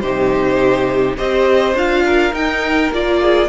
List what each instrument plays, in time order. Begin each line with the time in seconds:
0.00 cello C3, viola D#4, violin G4 C5
1.17 cello C4, viola G4, violin C5 D#5
1.74 cello D4, viola F4, violin F5
2.05 violin A#4
2.33 viola D#4, cello D#4, violin G5
2.91 cello A#3, viola F4, violin D5
3.21 violin G#4